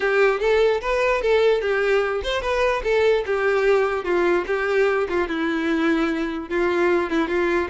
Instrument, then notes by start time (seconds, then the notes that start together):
violin
0.00 G4
0.40 A4
0.81 B4
1.21 A4
1.61 G4
2.23 C5
2.41 B4
2.83 A4
3.26 G4
4.04 F4
4.46 G4
5.09 F4
5.28 E4
6.49 F4
7.10 E4
7.28 F4